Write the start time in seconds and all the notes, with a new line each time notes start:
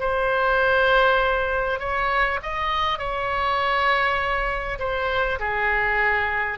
0.00 C5
1.79 C#5
2.43 D#5
2.98 C#5
4.79 C5
5.39 G#4